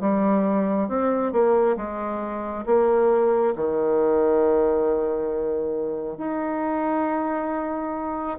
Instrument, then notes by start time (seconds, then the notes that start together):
bassoon
0.00 G3
0.88 C4
1.32 A#3
1.76 G#3
2.66 A#3
3.55 D#3
6.18 D#4